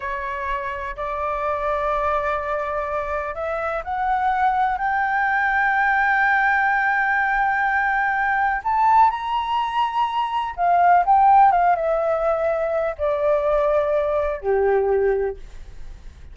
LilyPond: \new Staff \with { instrumentName = "flute" } { \time 4/4 \tempo 4 = 125 cis''2 d''2~ | d''2. e''4 | fis''2 g''2~ | g''1~ |
g''2 a''4 ais''4~ | ais''2 f''4 g''4 | f''8 e''2~ e''8 d''4~ | d''2 g'2 | }